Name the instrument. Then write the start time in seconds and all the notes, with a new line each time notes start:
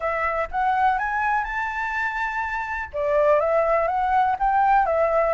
flute
0.00 E5
0.51 F#5
0.98 G#5
1.44 A5
2.93 D5
3.40 E5
3.87 F#5
4.39 G5
4.86 E5